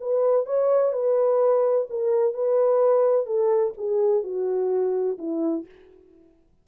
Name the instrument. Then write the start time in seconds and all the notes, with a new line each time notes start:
horn
0.00 B4
0.45 C#5
0.92 B4
1.89 A#4
2.33 B4
3.26 A4
3.77 G#4
4.23 F#4
5.18 E4